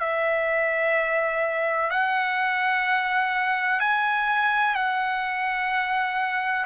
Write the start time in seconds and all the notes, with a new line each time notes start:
0.00 E5
1.90 F#5
3.80 G#5
4.75 F#5